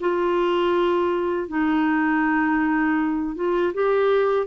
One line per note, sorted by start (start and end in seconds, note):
0.00 1.48 F4
1.48 3.35 D#4
3.35 3.73 F4
3.74 4.47 G4